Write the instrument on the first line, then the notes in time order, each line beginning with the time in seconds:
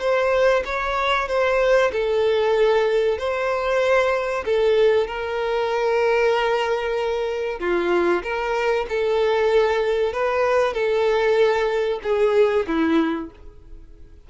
violin
0.00 C5
0.65 C#5
1.28 C5
1.92 A4
3.18 C5
4.45 A4
5.07 A#4
7.60 F4
8.23 A#4
8.89 A4
10.13 B4
10.73 A4
12.03 G#4
12.67 E4